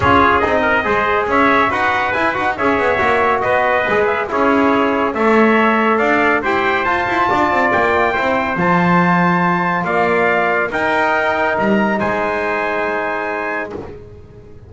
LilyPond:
<<
  \new Staff \with { instrumentName = "trumpet" } { \time 4/4 \tempo 4 = 140 cis''4 dis''2 e''4 | fis''4 gis''8 fis''8 e''2 | dis''4. e''8 cis''2 | e''2 f''4 g''4 |
a''2 g''2 | a''2. f''4~ | f''4 g''2 ais''4 | gis''1 | }
  \new Staff \with { instrumentName = "trumpet" } { \time 4/4 gis'4. ais'8 c''4 cis''4 | b'2 cis''2 | b'2 gis'2 | cis''2 d''4 c''4~ |
c''4 d''2 c''4~ | c''2. d''4~ | d''4 ais'2. | c''1 | }
  \new Staff \with { instrumentName = "trombone" } { \time 4/4 f'4 dis'4 gis'2 | fis'4 e'8 fis'8 gis'4 fis'4~ | fis'4 gis'4 e'2 | a'2. g'4 |
f'2. e'4 | f'1~ | f'4 dis'2.~ | dis'1 | }
  \new Staff \with { instrumentName = "double bass" } { \time 4/4 cis'4 c'4 gis4 cis'4 | dis'4 e'8 dis'8 cis'8 b8 ais4 | b4 gis4 cis'2 | a2 d'4 e'4 |
f'8 e'8 d'8 c'8 ais4 c'4 | f2. ais4~ | ais4 dis'2 g4 | gis1 | }
>>